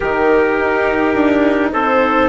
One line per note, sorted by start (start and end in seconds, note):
0.00 0.59 D#3
0.00 2.28 D#4
0.00 1.72 G4
0.00 1.72 A#4
0.59 1.14 D#4
1.14 1.72 D4
1.72 2.28 C4
1.72 2.28 A4
1.72 2.28 C5